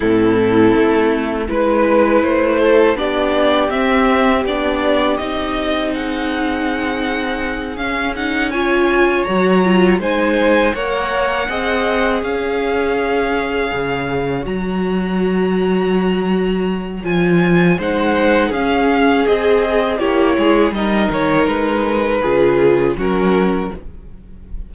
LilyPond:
<<
  \new Staff \with { instrumentName = "violin" } { \time 4/4 \tempo 4 = 81 a'2 b'4 c''4 | d''4 e''4 d''4 dis''4 | fis''2~ fis''8 f''8 fis''8 gis''8~ | gis''8 ais''4 gis''4 fis''4.~ |
fis''8 f''2. ais''8~ | ais''2. gis''4 | fis''4 f''4 dis''4 cis''4 | dis''8 cis''8 b'2 ais'4 | }
  \new Staff \with { instrumentName = "violin" } { \time 4/4 e'2 b'4. a'8 | g'1 | gis'2.~ gis'8 cis''8~ | cis''4. c''4 cis''4 dis''8~ |
dis''8 cis''2.~ cis''8~ | cis''1 | c''4 gis'2 g'8 gis'8 | ais'2 gis'4 fis'4 | }
  \new Staff \with { instrumentName = "viola" } { \time 4/4 c'2 e'2 | d'4 c'4 d'4 dis'4~ | dis'2~ dis'8 cis'8 dis'8 f'8~ | f'8 fis'8 f'8 dis'4 ais'4 gis'8~ |
gis'2.~ gis'8 fis'8~ | fis'2. f'4 | dis'4 cis'4 gis'4 e'4 | dis'2 f'4 cis'4 | }
  \new Staff \with { instrumentName = "cello" } { \time 4/4 a,4 a4 gis4 a4 | b4 c'4 b4 c'4~ | c'2~ c'8 cis'4.~ | cis'8 fis4 gis4 ais4 c'8~ |
c'8 cis'2 cis4 fis8~ | fis2. f4 | gis4 cis'4 c'4 ais8 gis8 | g8 dis8 gis4 cis4 fis4 | }
>>